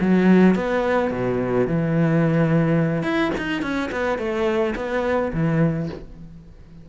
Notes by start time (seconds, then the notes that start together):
0.00 F#3
0.55 B3
1.11 B2
1.67 E3
3.03 E4
3.37 D#4
3.62 C#4
3.91 B3
4.18 A3
4.75 B3
5.33 E3